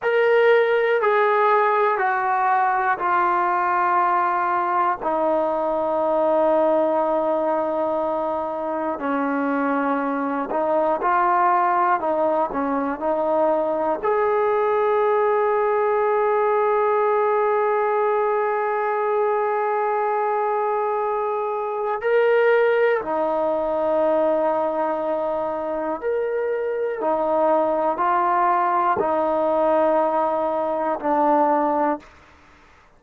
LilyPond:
\new Staff \with { instrumentName = "trombone" } { \time 4/4 \tempo 4 = 60 ais'4 gis'4 fis'4 f'4~ | f'4 dis'2.~ | dis'4 cis'4. dis'8 f'4 | dis'8 cis'8 dis'4 gis'2~ |
gis'1~ | gis'2 ais'4 dis'4~ | dis'2 ais'4 dis'4 | f'4 dis'2 d'4 | }